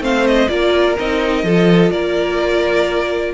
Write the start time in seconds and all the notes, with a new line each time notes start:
0.00 A3 C4 C5 F5
0.27 D#5
0.48 A#3 F4 A#4 D5
0.99 C4 D#4 D#5
1.43 F3 F4 A4
1.91 A#3 A#4 D5